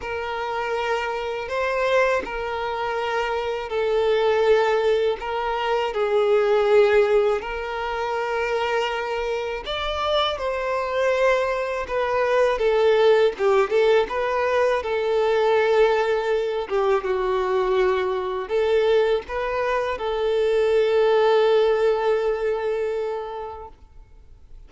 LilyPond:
\new Staff \with { instrumentName = "violin" } { \time 4/4 \tempo 4 = 81 ais'2 c''4 ais'4~ | ais'4 a'2 ais'4 | gis'2 ais'2~ | ais'4 d''4 c''2 |
b'4 a'4 g'8 a'8 b'4 | a'2~ a'8 g'8 fis'4~ | fis'4 a'4 b'4 a'4~ | a'1 | }